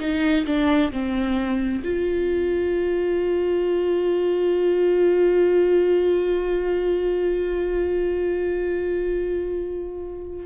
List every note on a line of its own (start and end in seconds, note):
0.00 0.45 D#4
0.46 0.92 D4
0.92 1.83 C4
1.84 10.46 F4